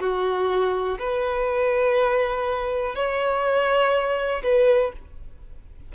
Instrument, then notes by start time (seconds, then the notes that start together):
violin
0.00 F#4
0.99 B4
2.95 C#5
4.43 B4